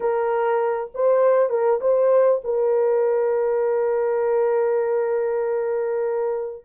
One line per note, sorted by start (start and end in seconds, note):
0.00 0.90 A#4
0.94 1.49 C5
1.49 1.80 A#4
1.80 2.41 C5
2.44 6.65 A#4